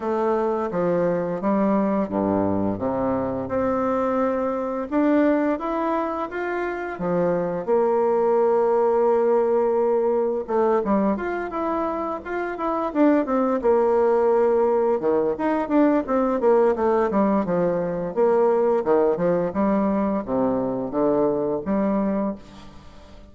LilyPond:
\new Staff \with { instrumentName = "bassoon" } { \time 4/4 \tempo 4 = 86 a4 f4 g4 g,4 | c4 c'2 d'4 | e'4 f'4 f4 ais4~ | ais2. a8 g8 |
f'8 e'4 f'8 e'8 d'8 c'8 ais8~ | ais4. dis8 dis'8 d'8 c'8 ais8 | a8 g8 f4 ais4 dis8 f8 | g4 c4 d4 g4 | }